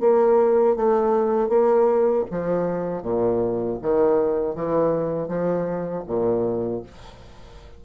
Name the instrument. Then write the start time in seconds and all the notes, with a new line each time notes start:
bassoon
0.00 A#3
0.76 A3
1.49 A#3
2.31 F3
3.02 A#2
3.82 D#3
4.55 E3
5.28 F3
6.07 A#2